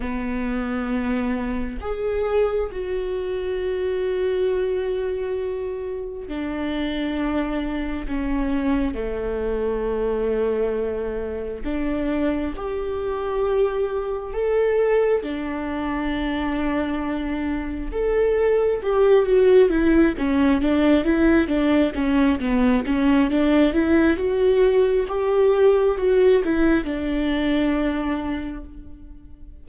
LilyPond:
\new Staff \with { instrumentName = "viola" } { \time 4/4 \tempo 4 = 67 b2 gis'4 fis'4~ | fis'2. d'4~ | d'4 cis'4 a2~ | a4 d'4 g'2 |
a'4 d'2. | a'4 g'8 fis'8 e'8 cis'8 d'8 e'8 | d'8 cis'8 b8 cis'8 d'8 e'8 fis'4 | g'4 fis'8 e'8 d'2 | }